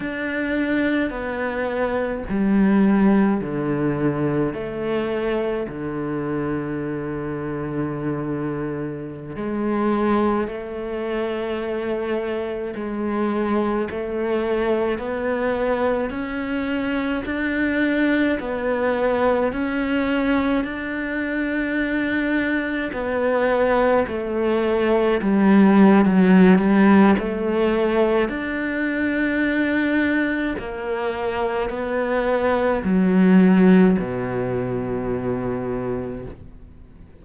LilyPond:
\new Staff \with { instrumentName = "cello" } { \time 4/4 \tempo 4 = 53 d'4 b4 g4 d4 | a4 d2.~ | d16 gis4 a2 gis8.~ | gis16 a4 b4 cis'4 d'8.~ |
d'16 b4 cis'4 d'4.~ d'16~ | d'16 b4 a4 g8. fis8 g8 | a4 d'2 ais4 | b4 fis4 b,2 | }